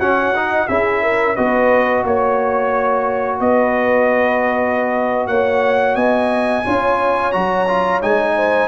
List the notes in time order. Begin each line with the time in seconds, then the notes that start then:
0.00 C#4 F#4 C#5 F#5
0.34 D#4 D#5
0.68 C#4 E4 G#4 E5
1.03 A#4
1.35 B3 F#4 B4 D#5
2.04 A#3 C#5
3.40 B3 B4 D#5
5.27 A#3 C#5 F#5
5.95 B3 D#5 G#5
6.64 C#4 F4 C#5
7.32 F#3 F#4 A#5
7.68 F4
8.02 G#3 D#4 G#5
8.36 C5